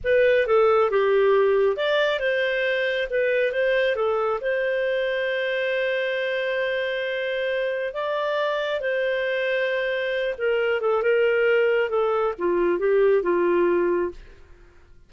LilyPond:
\new Staff \with { instrumentName = "clarinet" } { \time 4/4 \tempo 4 = 136 b'4 a'4 g'2 | d''4 c''2 b'4 | c''4 a'4 c''2~ | c''1~ |
c''2 d''2 | c''2.~ c''8 ais'8~ | ais'8 a'8 ais'2 a'4 | f'4 g'4 f'2 | }